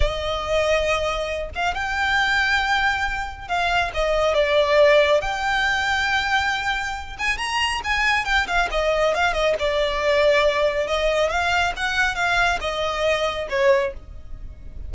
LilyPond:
\new Staff \with { instrumentName = "violin" } { \time 4/4 \tempo 4 = 138 dis''2.~ dis''8 f''8 | g''1 | f''4 dis''4 d''2 | g''1~ |
g''8 gis''8 ais''4 gis''4 g''8 f''8 | dis''4 f''8 dis''8 d''2~ | d''4 dis''4 f''4 fis''4 | f''4 dis''2 cis''4 | }